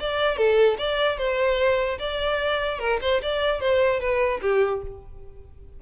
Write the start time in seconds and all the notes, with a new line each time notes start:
0.00 D5
0.37 A4
0.79 D5
1.18 C5
1.99 D5
2.80 A#4
3.02 C5
3.22 D5
3.61 C5
4.01 B4
4.42 G4